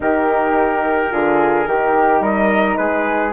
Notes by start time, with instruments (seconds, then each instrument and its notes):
0.00 bassoon D#3, horn D#4, flute G4, trumpet A#4
1.10 bassoon D3, horn F4, flute G#4
1.66 bassoon D#3, horn D#4, flute G4
2.20 bassoon G3, flute A#4, trumpet D#5
2.76 bassoon G#3, flute G#4, trumpet B4